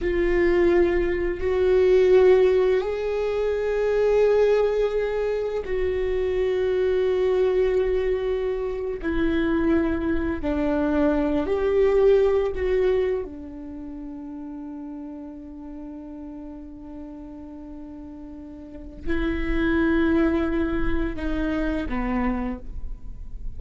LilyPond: \new Staff \with { instrumentName = "viola" } { \time 4/4 \tempo 4 = 85 f'2 fis'2 | gis'1 | fis'1~ | fis'8. e'2 d'4~ d'16~ |
d'16 g'4. fis'4 d'4~ d'16~ | d'1~ | d'2. e'4~ | e'2 dis'4 b4 | }